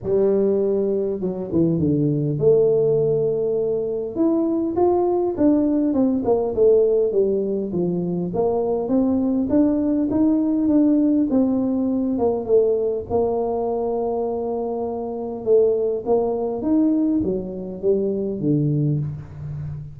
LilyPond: \new Staff \with { instrumentName = "tuba" } { \time 4/4 \tempo 4 = 101 g2 fis8 e8 d4 | a2. e'4 | f'4 d'4 c'8 ais8 a4 | g4 f4 ais4 c'4 |
d'4 dis'4 d'4 c'4~ | c'8 ais8 a4 ais2~ | ais2 a4 ais4 | dis'4 fis4 g4 d4 | }